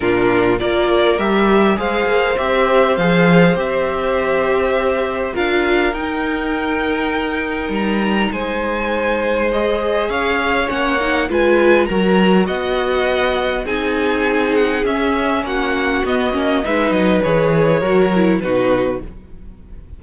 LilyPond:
<<
  \new Staff \with { instrumentName = "violin" } { \time 4/4 \tempo 4 = 101 ais'4 d''4 e''4 f''4 | e''4 f''4 e''2~ | e''4 f''4 g''2~ | g''4 ais''4 gis''2 |
dis''4 f''4 fis''4 gis''4 | ais''4 fis''2 gis''4~ | gis''8 fis''8 e''4 fis''4 dis''4 | e''8 dis''8 cis''2 b'4 | }
  \new Staff \with { instrumentName = "violin" } { \time 4/4 f'4 ais'2 c''4~ | c''1~ | c''4 ais'2.~ | ais'2 c''2~ |
c''4 cis''2 b'4 | ais'4 dis''2 gis'4~ | gis'2 fis'2 | b'2 ais'4 fis'4 | }
  \new Staff \with { instrumentName = "viola" } { \time 4/4 d'4 f'4 g'4 gis'4 | g'4 gis'4 g'2~ | g'4 f'4 dis'2~ | dis'1 |
gis'2 cis'8 dis'8 f'4 | fis'2. dis'4~ | dis'4 cis'2 b8 cis'8 | dis'4 gis'4 fis'8 e'8 dis'4 | }
  \new Staff \with { instrumentName = "cello" } { \time 4/4 ais,4 ais4 g4 gis8 ais8 | c'4 f4 c'2~ | c'4 d'4 dis'2~ | dis'4 g4 gis2~ |
gis4 cis'4 ais4 gis4 | fis4 b2 c'4~ | c'4 cis'4 ais4 b8 ais8 | gis8 fis8 e4 fis4 b,4 | }
>>